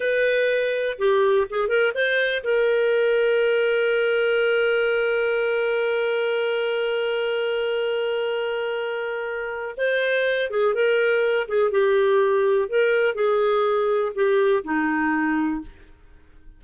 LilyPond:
\new Staff \with { instrumentName = "clarinet" } { \time 4/4 \tempo 4 = 123 b'2 g'4 gis'8 ais'8 | c''4 ais'2.~ | ais'1~ | ais'1~ |
ais'1 | c''4. gis'8 ais'4. gis'8 | g'2 ais'4 gis'4~ | gis'4 g'4 dis'2 | }